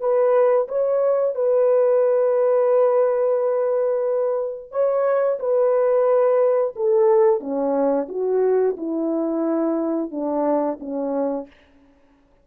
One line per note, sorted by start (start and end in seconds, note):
0.00 0.67 B4
0.68 1.35 C#5
1.35 4.71 B4
4.71 5.39 C#5
5.39 6.74 B4
6.76 7.40 A4
7.40 8.08 C#4
8.09 8.76 F#4
8.77 10.11 E4
10.11 10.78 D4
10.80 11.47 C#4